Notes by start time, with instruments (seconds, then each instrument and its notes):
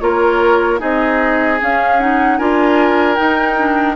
0.00 bassoon A#3, clarinet F4, oboe A#4, flute C#5
0.79 bassoon C4, clarinet D#4, oboe G#4, flute D#5
1.61 clarinet C#4, bassoon C#4, flute F5
1.99 clarinet D#4, flute F#5
2.37 bassoon D4, clarinet F4, oboe A#4, flute G#5
3.16 clarinet D#4, bassoon D#4, flute G5
3.57 clarinet D4